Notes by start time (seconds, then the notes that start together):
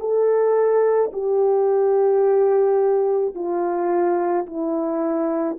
0.00 A4
1.13 G4
3.35 F4
4.46 E4